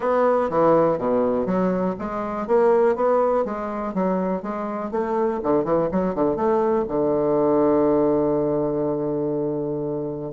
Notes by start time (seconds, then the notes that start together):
0.00 B3
0.49 E3
0.98 B2
1.46 F#3
1.98 G#3
2.47 A#3
2.95 B3
3.44 G#3
3.94 F#3
4.42 G#3
4.91 A3
5.43 D3
5.64 E3
5.91 F#3
6.14 D3
6.36 A3
6.88 D3